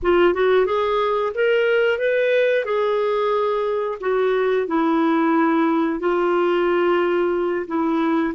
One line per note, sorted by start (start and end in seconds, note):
0.02 0.33 F4
0.33 0.66 F#4
0.66 1.32 G#4
1.34 1.98 A#4
1.98 2.65 B4
2.65 3.98 G#4
4.00 4.67 F#4
4.67 5.99 E4
5.99 7.66 F4
7.67 8.33 E4